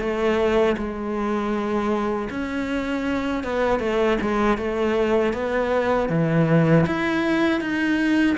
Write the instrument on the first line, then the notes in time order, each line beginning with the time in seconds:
cello
0.00 A3
0.77 G#3
2.30 C#4
3.44 B3
3.80 A3
4.21 G#3
4.58 A3
5.33 B3
6.09 E3
6.87 E4
7.61 D#4